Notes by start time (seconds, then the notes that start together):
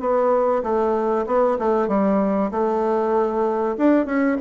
0.00 B3
0.63 A3
1.27 B3
1.59 A3
1.88 G3
2.51 A3
3.78 D4
4.06 C#4